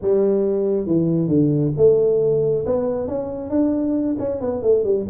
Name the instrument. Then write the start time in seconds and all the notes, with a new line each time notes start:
tuba
0.01 G3
0.86 E3
1.28 D3
1.76 A3
2.66 B3
3.07 C#4
3.50 D4
4.19 C#4
4.41 B3
4.62 A3
4.83 G3